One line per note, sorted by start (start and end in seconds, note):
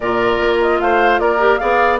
0.00 0.40 A#2
0.00 1.39 F4
0.00 0.81 A#4
0.00 0.57 D5
0.40 0.80 A#3
0.61 0.79 D#5
0.79 1.19 A3
0.79 1.20 C5
0.79 1.19 F5
1.19 1.59 A#3
1.19 1.60 A#4
1.19 1.58 D5
1.39 1.59 G4
1.58 1.99 B3
1.58 1.99 G#4
1.58 1.99 D5
1.58 1.98 F5